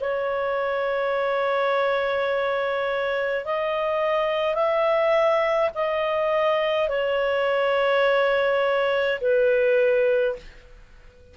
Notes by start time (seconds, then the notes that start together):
0.00 C#5
3.45 D#5
4.54 E5
5.74 D#5
6.88 C#5
9.20 B4